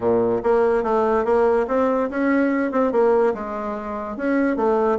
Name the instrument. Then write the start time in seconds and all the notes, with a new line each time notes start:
bassoon
0.00 A#2
0.43 A#3
0.83 A3
1.24 A#3
1.67 C4
2.10 C#4
2.71 C4
2.92 A#3
3.33 G#3
4.16 C#4
4.56 A3